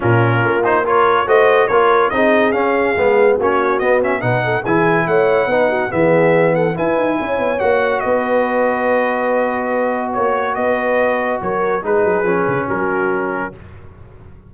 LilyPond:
<<
  \new Staff \with { instrumentName = "trumpet" } { \time 4/4 \tempo 4 = 142 ais'4. c''8 cis''4 dis''4 | cis''4 dis''4 f''2 | cis''4 dis''8 e''8 fis''4 gis''4 | fis''2 e''4. fis''8 |
gis''2 fis''4 dis''4~ | dis''1 | cis''4 dis''2 cis''4 | b'2 ais'2 | }
  \new Staff \with { instrumentName = "horn" } { \time 4/4 f'2 ais'4 c''4 | ais'4 gis'2. | fis'2 b'8 a'8 gis'4 | cis''4 b'8 fis'8 gis'4. a'8 |
b'4 cis''2 b'4~ | b'1 | cis''4 b'2 ais'4 | gis'2 fis'2 | }
  \new Staff \with { instrumentName = "trombone" } { \time 4/4 cis'4. dis'8 f'4 fis'4 | f'4 dis'4 cis'4 b4 | cis'4 b8 cis'8 dis'4 e'4~ | e'4 dis'4 b2 |
e'2 fis'2~ | fis'1~ | fis'1 | dis'4 cis'2. | }
  \new Staff \with { instrumentName = "tuba" } { \time 4/4 ais,4 ais2 a4 | ais4 c'4 cis'4 gis4 | ais4 b4 b,4 e4 | a4 b4 e2 |
e'8 dis'8 cis'8 b8 ais4 b4~ | b1 | ais4 b2 fis4 | gis8 fis8 f8 cis8 fis2 | }
>>